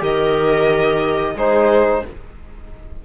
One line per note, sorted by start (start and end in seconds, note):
0.00 1.35 D#3
0.00 1.35 G4
0.00 1.37 A#4
0.00 1.37 D#5
1.35 2.02 G#3
1.35 2.05 D#4
1.35 2.04 G#4
1.35 2.05 C5